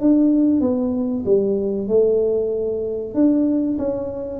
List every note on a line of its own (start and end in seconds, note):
0.00 0.60 D4
0.60 1.23 B3
1.25 1.88 G3
1.88 3.14 A3
3.14 3.77 D4
3.78 4.39 C#4